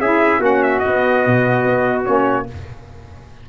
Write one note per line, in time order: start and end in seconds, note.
0.00 0.40 C#4
0.00 0.41 E4
0.00 0.41 G#4
0.00 0.42 E5
0.40 0.81 A#3
0.40 0.82 C#4
0.40 2.47 F#4
0.40 0.63 F#5
0.63 0.80 E5
0.80 2.06 B3
0.80 2.04 D#5
0.87 1.27 B3
1.27 1.66 B2
1.66 2.07 B3
2.06 2.49 A#3
2.06 2.47 C#4
2.06 2.47 C#5